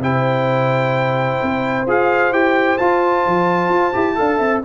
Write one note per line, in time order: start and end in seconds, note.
0.00 1.38 C3
0.00 1.86 E4
0.00 4.17 C5
0.00 1.88 G5
1.42 1.87 C4
1.87 2.32 F4
1.87 2.33 G#4
1.87 2.33 F5
2.32 2.78 E4
2.32 2.79 G4
2.32 2.78 G5
2.78 3.26 F4
2.78 3.94 F4
2.78 4.63 A5
3.26 3.69 F3
3.69 3.92 F4
3.94 4.19 E4
3.94 4.16 G4
4.16 4.40 D4
4.16 4.62 A4
4.16 4.39 F5
4.39 4.63 C4
4.39 4.62 E5